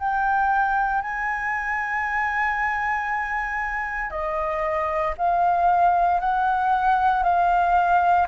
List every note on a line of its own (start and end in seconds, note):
0.00 1.02 G5
1.02 4.11 G#5
4.11 5.14 D#5
5.18 6.20 F5
6.20 7.24 F#5
7.24 8.27 F5